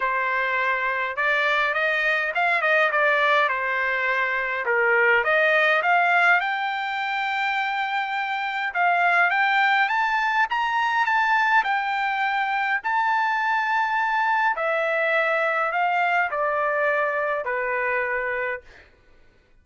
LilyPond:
\new Staff \with { instrumentName = "trumpet" } { \time 4/4 \tempo 4 = 103 c''2 d''4 dis''4 | f''8 dis''8 d''4 c''2 | ais'4 dis''4 f''4 g''4~ | g''2. f''4 |
g''4 a''4 ais''4 a''4 | g''2 a''2~ | a''4 e''2 f''4 | d''2 b'2 | }